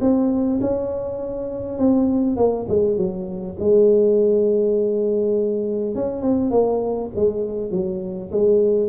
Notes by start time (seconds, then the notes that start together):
0.00 C4
0.60 C#4
1.78 C4
2.36 A#3
2.68 G#3
2.97 F#3
3.59 G#3
5.95 C#4
6.22 C4
6.50 A#3
7.15 G#3
7.71 F#3
8.31 G#3